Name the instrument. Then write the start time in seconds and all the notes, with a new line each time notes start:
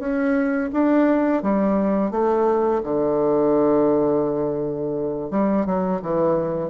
bassoon
0.00 C#4
0.73 D4
1.43 G3
2.11 A3
2.84 D3
5.31 G3
5.66 F#3
6.02 E3